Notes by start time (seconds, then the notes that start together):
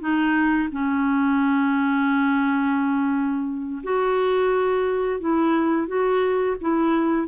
0.00 D#4
0.72 C#4
3.83 F#4
5.20 E4
5.87 F#4
6.61 E4